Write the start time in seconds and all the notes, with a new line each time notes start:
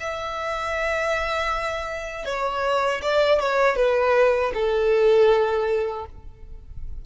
0.00 E5
2.25 C#5
3.02 D5
3.40 C#5
3.76 B4
4.54 A4